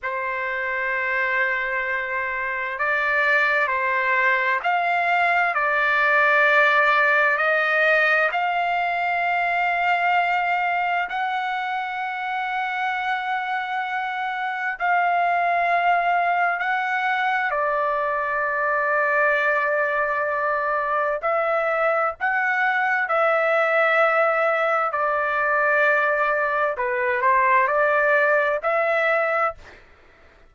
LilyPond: \new Staff \with { instrumentName = "trumpet" } { \time 4/4 \tempo 4 = 65 c''2. d''4 | c''4 f''4 d''2 | dis''4 f''2. | fis''1 |
f''2 fis''4 d''4~ | d''2. e''4 | fis''4 e''2 d''4~ | d''4 b'8 c''8 d''4 e''4 | }